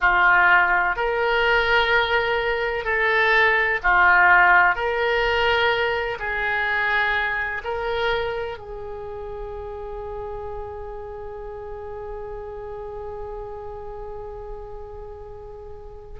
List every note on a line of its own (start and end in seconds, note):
0.00 0.95 F4
0.95 2.84 A#4
2.84 3.79 A4
3.83 4.74 F4
4.74 6.17 A#4
6.19 7.62 G#4
7.64 8.58 A#4
8.58 16.19 G#4